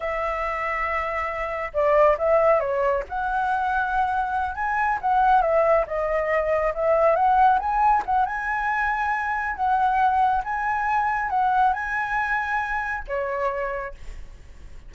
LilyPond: \new Staff \with { instrumentName = "flute" } { \time 4/4 \tempo 4 = 138 e''1 | d''4 e''4 cis''4 fis''4~ | fis''2~ fis''8 gis''4 fis''8~ | fis''8 e''4 dis''2 e''8~ |
e''8 fis''4 gis''4 fis''8 gis''4~ | gis''2 fis''2 | gis''2 fis''4 gis''4~ | gis''2 cis''2 | }